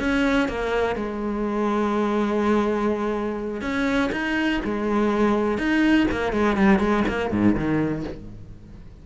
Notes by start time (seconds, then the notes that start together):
0.00 C#4
0.49 A#3
0.96 G#3
3.61 C#4
4.12 D#4
4.65 G#3
5.58 D#4
6.11 A#3
6.33 G#3
6.57 G3
6.79 G#3
7.08 A#3
7.31 G#2
7.55 D#3